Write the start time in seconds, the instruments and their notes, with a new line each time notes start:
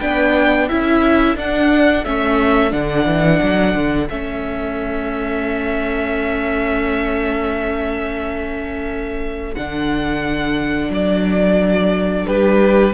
0.00 cello B3, viola D4, violin B4 G5
0.68 cello C#4, viola E4, violin A4 E5
1.36 cello D4, viola D4, violin F#5
2.05 cello A3, viola C#4, violin E5
2.71 cello D3, viola D4, violin F#5
3.06 cello E3
3.43 cello F#3
3.75 cello D3
4.09 cello A3, viola C#4, violin E5
9.55 cello D3, viola D4, violin F#5
10.90 cello F#3, violin D5
12.27 cello G3, violin G4 B4